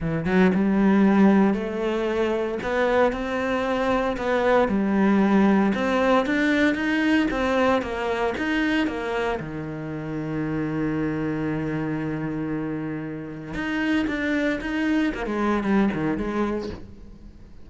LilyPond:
\new Staff \with { instrumentName = "cello" } { \time 4/4 \tempo 4 = 115 e8 fis8 g2 a4~ | a4 b4 c'2 | b4 g2 c'4 | d'4 dis'4 c'4 ais4 |
dis'4 ais4 dis2~ | dis1~ | dis2 dis'4 d'4 | dis'4 ais16 gis8. g8 dis8 gis4 | }